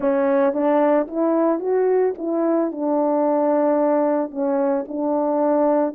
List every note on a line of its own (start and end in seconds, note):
0.00 0.53 C#4
0.53 1.07 D4
1.07 1.59 E4
1.59 2.13 F#4
2.17 2.71 E4
2.71 4.30 D4
4.30 4.85 C#4
4.88 5.94 D4